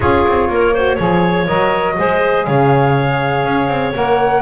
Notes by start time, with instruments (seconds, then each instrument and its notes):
0.00 double bass C#4, saxophone F4, clarinet G#4, flute C#5
0.27 double bass C4
0.48 double bass A#3, clarinet A#4
0.74 saxophone F#4, clarinet C5
0.95 double bass F3, saxophone G#4, clarinet C#5
1.46 double bass F#3, saxophone A#4, flute D#5
1.97 double bass G#3, saxophone G#4, clarinet C5
2.45 double bass C#3, clarinet C#5, flute F5
3.44 double bass C#4
3.68 double bass C4
3.94 double bass A#3, saxophone A#4, flute F#5